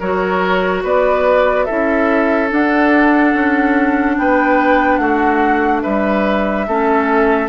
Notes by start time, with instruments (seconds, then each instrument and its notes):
0.00 bassoon F#3, clarinet F#4, oboe A#4, flute C#5
0.84 bassoon B3, oboe B4, flute D5
1.65 bassoon C#4, clarinet E4, oboe A4, flute E5
2.49 clarinet D4, bassoon D4, flute F#5
3.34 bassoon C#4
4.18 bassoon B3, oboe B4, flute G5
4.97 bassoon A3, oboe F#4, flute F#5
5.83 bassoon G3, oboe B4, flute E5
6.68 bassoon A3, clarinet C#4, oboe A4